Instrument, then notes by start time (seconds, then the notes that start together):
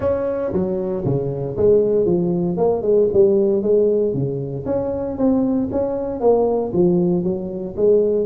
tuba
0.00 C#4
0.52 F#3
1.04 C#3
1.56 G#3
2.05 F3
2.57 A#3
2.82 G#3
3.13 G3
3.62 G#3
4.13 C#3
4.65 C#4
5.17 C4
5.71 C#4
6.20 A#3
6.73 F3
7.23 F#3
7.76 G#3